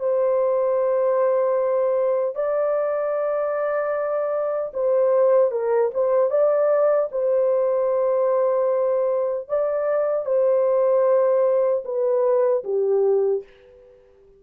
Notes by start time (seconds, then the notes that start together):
0.00 C5
2.35 D5
4.74 C5
5.51 A#4
5.94 C5
6.30 D5
7.12 C5
9.48 D5
10.26 C5
11.85 B4
12.64 G4